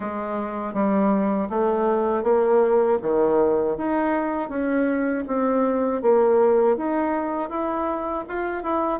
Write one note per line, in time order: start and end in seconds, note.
0.00 0.73 G#3
0.73 1.48 G3
1.49 2.23 A3
2.23 2.98 A#3
3.02 3.77 D#3
3.77 4.49 D#4
4.49 5.24 C#4
5.27 6.01 C4
6.01 6.76 A#3
6.76 7.49 D#4
7.49 8.24 E4
8.28 8.62 F4
8.62 9.00 E4